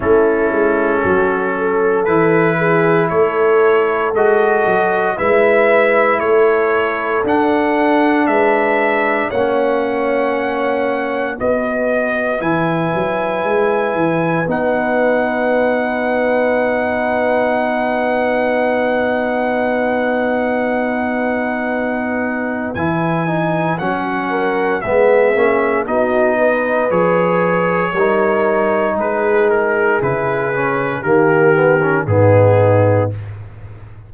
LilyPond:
<<
  \new Staff \with { instrumentName = "trumpet" } { \time 4/4 \tempo 4 = 58 a'2 b'4 cis''4 | dis''4 e''4 cis''4 fis''4 | e''4 fis''2 dis''4 | gis''2 fis''2~ |
fis''1~ | fis''2 gis''4 fis''4 | e''4 dis''4 cis''2 | b'8 ais'8 b'4 ais'4 gis'4 | }
  \new Staff \with { instrumentName = "horn" } { \time 4/4 e'4 fis'8 a'4 gis'8 a'4~ | a'4 b'4 a'2 | b'4 cis''2 b'4~ | b'1~ |
b'1~ | b'2.~ b'8 ais'8 | gis'4 fis'8 b'4. ais'4 | gis'2 g'4 dis'4 | }
  \new Staff \with { instrumentName = "trombone" } { \time 4/4 cis'2 e'2 | fis'4 e'2 d'4~ | d'4 cis'2 fis'4 | e'2 dis'2~ |
dis'1~ | dis'2 e'8 dis'8 cis'4 | b8 cis'8 dis'4 gis'4 dis'4~ | dis'4 e'8 cis'8 ais8 b16 cis'16 b4 | }
  \new Staff \with { instrumentName = "tuba" } { \time 4/4 a8 gis8 fis4 e4 a4 | gis8 fis8 gis4 a4 d'4 | gis4 ais2 b4 | e8 fis8 gis8 e8 b2~ |
b1~ | b2 e4 fis4 | gis8 ais8 b4 f4 g4 | gis4 cis4 dis4 gis,4 | }
>>